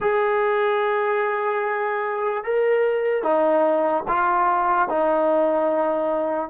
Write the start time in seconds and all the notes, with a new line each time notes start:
0.00 G#4
2.44 A#4
3.22 D#4
4.08 F4
4.89 D#4